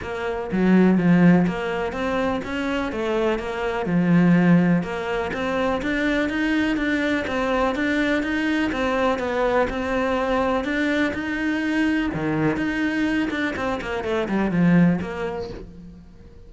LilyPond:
\new Staff \with { instrumentName = "cello" } { \time 4/4 \tempo 4 = 124 ais4 fis4 f4 ais4 | c'4 cis'4 a4 ais4 | f2 ais4 c'4 | d'4 dis'4 d'4 c'4 |
d'4 dis'4 c'4 b4 | c'2 d'4 dis'4~ | dis'4 dis4 dis'4. d'8 | c'8 ais8 a8 g8 f4 ais4 | }